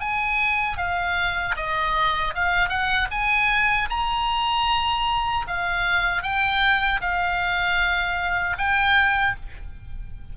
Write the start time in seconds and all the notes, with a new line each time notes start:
0.00 G#5
0.78 F5
1.56 D#5
2.35 F5
2.69 F#5
3.11 G#5
3.90 A#5
5.48 F5
6.23 G5
7.01 F5
8.58 G5